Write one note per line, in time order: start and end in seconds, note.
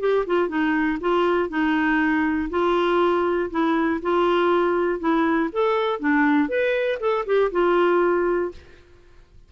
0.00 0.25 G4
0.26 0.48 F4
0.48 0.98 D#4
1.00 1.49 F4
1.49 2.49 D#4
2.50 3.50 F4
3.50 4.00 E4
4.02 5.00 F4
5.00 5.50 E4
5.52 5.99 A4
5.99 6.49 D4
6.49 6.99 B4
7.00 7.25 A4
7.26 7.51 G4
7.51 8.51 F4